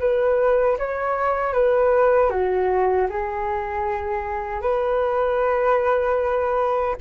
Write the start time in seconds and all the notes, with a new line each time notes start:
0.00 B4
0.79 C#5
1.54 B4
2.30 F#4
3.10 G#4
4.62 B4